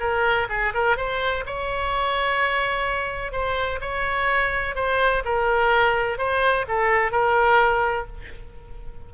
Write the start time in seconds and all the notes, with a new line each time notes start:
0.00 A#4
0.49 G#4
0.74 A#4
0.97 C5
1.46 C#5
3.32 C5
3.81 C#5
4.76 C5
5.25 A#4
6.18 C5
6.68 A4
7.12 A#4